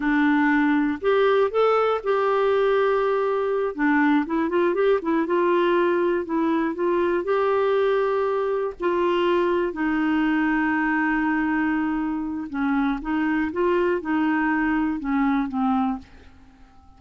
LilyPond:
\new Staff \with { instrumentName = "clarinet" } { \time 4/4 \tempo 4 = 120 d'2 g'4 a'4 | g'2.~ g'8 d'8~ | d'8 e'8 f'8 g'8 e'8 f'4.~ | f'8 e'4 f'4 g'4.~ |
g'4. f'2 dis'8~ | dis'1~ | dis'4 cis'4 dis'4 f'4 | dis'2 cis'4 c'4 | }